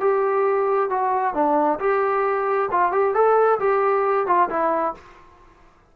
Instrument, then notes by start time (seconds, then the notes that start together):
trombone
0.00 G4
0.90 F#4
1.34 D4
1.79 G4
2.71 F4
2.91 G4
3.14 A4
3.59 G4
4.26 F4
4.49 E4